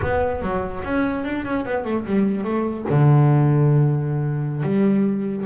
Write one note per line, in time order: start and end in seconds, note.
0.01 0.41 B3
0.41 0.83 F#3
0.83 1.24 C#4
1.24 1.45 D4
1.45 1.65 C#4
1.65 1.84 B3
1.84 2.05 A3
2.05 2.44 G3
2.44 2.85 A3
2.89 4.63 D3
4.63 5.45 G3